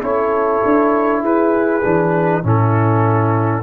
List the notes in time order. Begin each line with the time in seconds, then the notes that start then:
0.00 C#4 E4 A4 C#5
0.64 D4
1.21 E4 G#4 B4
1.83 E3 D4
2.43 A2 C#4 E4 A4